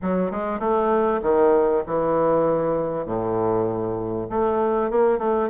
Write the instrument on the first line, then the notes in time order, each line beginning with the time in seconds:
bassoon
0.02 F#3
0.31 G#3
0.59 A3
1.22 D#3
1.86 E3
3.05 A2
4.29 A3
4.90 A#3
5.18 A3